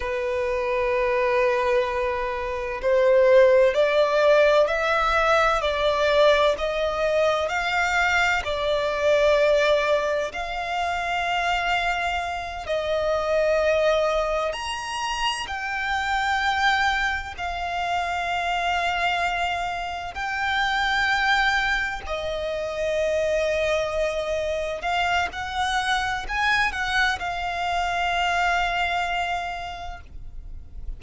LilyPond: \new Staff \with { instrumentName = "violin" } { \time 4/4 \tempo 4 = 64 b'2. c''4 | d''4 e''4 d''4 dis''4 | f''4 d''2 f''4~ | f''4. dis''2 ais''8~ |
ais''8 g''2 f''4.~ | f''4. g''2 dis''8~ | dis''2~ dis''8 f''8 fis''4 | gis''8 fis''8 f''2. | }